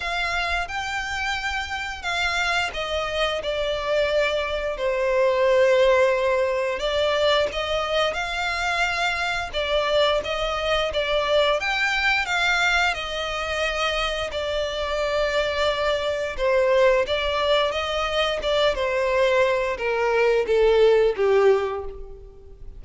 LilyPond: \new Staff \with { instrumentName = "violin" } { \time 4/4 \tempo 4 = 88 f''4 g''2 f''4 | dis''4 d''2 c''4~ | c''2 d''4 dis''4 | f''2 d''4 dis''4 |
d''4 g''4 f''4 dis''4~ | dis''4 d''2. | c''4 d''4 dis''4 d''8 c''8~ | c''4 ais'4 a'4 g'4 | }